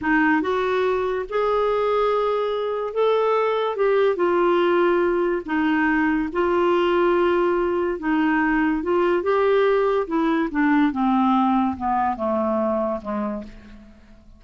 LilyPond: \new Staff \with { instrumentName = "clarinet" } { \time 4/4 \tempo 4 = 143 dis'4 fis'2 gis'4~ | gis'2. a'4~ | a'4 g'4 f'2~ | f'4 dis'2 f'4~ |
f'2. dis'4~ | dis'4 f'4 g'2 | e'4 d'4 c'2 | b4 a2 gis4 | }